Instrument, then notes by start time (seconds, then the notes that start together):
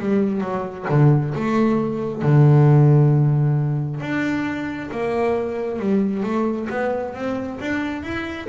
double bass
0.00 G3
0.41 F#3
0.90 D3
1.35 A3
2.22 D3
4.01 D4
4.92 A#3
5.80 G3
6.24 A3
6.70 B3
7.15 C4
7.60 D4
8.03 E4